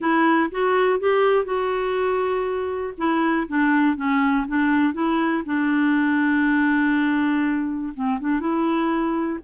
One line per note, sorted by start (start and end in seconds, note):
0.00 0.50 E4
0.51 0.99 F#4
0.99 1.44 G4
1.44 2.93 F#4
2.97 3.47 E4
3.48 3.96 D4
3.96 4.46 C#4
4.47 4.93 D4
4.93 5.43 E4
5.45 7.93 D4
7.94 8.19 C4
8.20 8.40 D4
8.40 9.39 E4